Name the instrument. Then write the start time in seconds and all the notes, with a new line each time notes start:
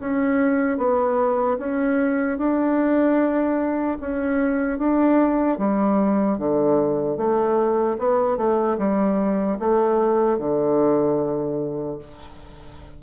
bassoon
0.00 C#4
0.78 B3
1.59 C#4
2.38 D4
4.01 C#4
4.79 D4
5.58 G3
6.38 D3
7.17 A3
7.99 B3
8.37 A3
8.78 G3
9.59 A3
10.39 D3